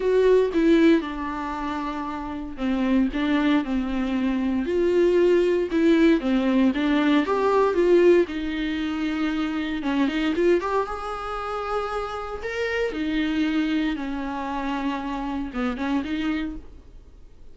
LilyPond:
\new Staff \with { instrumentName = "viola" } { \time 4/4 \tempo 4 = 116 fis'4 e'4 d'2~ | d'4 c'4 d'4 c'4~ | c'4 f'2 e'4 | c'4 d'4 g'4 f'4 |
dis'2. cis'8 dis'8 | f'8 g'8 gis'2. | ais'4 dis'2 cis'4~ | cis'2 b8 cis'8 dis'4 | }